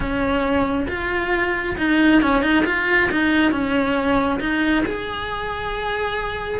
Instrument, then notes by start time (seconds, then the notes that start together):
cello
0.00 C#4
0.88 F4
1.77 D#4
2.22 C#4
2.42 D#4
2.65 F4
3.11 D#4
3.51 C#4
4.40 D#4
4.85 G#4